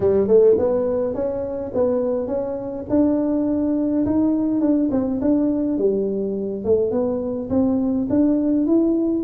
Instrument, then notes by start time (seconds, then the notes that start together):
tuba
0.00 G3
0.27 A3
0.58 B3
1.14 C#4
1.73 B3
2.27 C#4
2.89 D4
4.05 D#4
4.60 D4
4.91 C4
5.21 D4
5.77 G3
6.64 A3
6.91 B3
7.49 C4
8.09 D4
8.66 E4